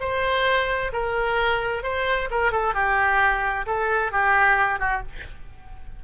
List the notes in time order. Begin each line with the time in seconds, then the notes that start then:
0.00 C5
0.92 A#4
1.83 C5
2.30 A#4
2.52 A4
2.74 G4
3.66 A4
4.11 G4
4.79 F#4